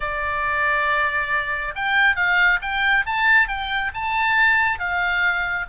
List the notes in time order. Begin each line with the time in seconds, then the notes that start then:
0.00 D5
1.75 G5
2.16 F5
2.61 G5
3.06 A5
3.48 G5
3.94 A5
4.79 F5